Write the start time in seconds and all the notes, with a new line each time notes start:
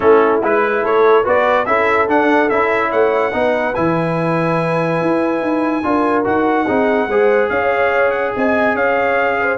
0.00 A3 C#4 E4 A4
0.42 G#3 E4 B4
0.82 A3 A4 C#5
1.23 B3 F#4 B4 D5
1.65 C#4 E4 A4 E5
2.08 D4 F#5
2.49 C#4 E4 E5
2.90 A3 C#5 F#5
3.32 B3 D#4 B4
3.74 E3 E4 G#5
5.01 E4
5.40 D#4
5.83 D4 F4 A#4
6.24 D#4 F#4 F#5
6.66 C4 D#4 G#4
7.07 G#3 G#4 C5
7.49 C#4 C#5 F5
8.10 F#5
8.36 C4 D#5 G#5
8.74 C#4 C#5 F5
9.40 C5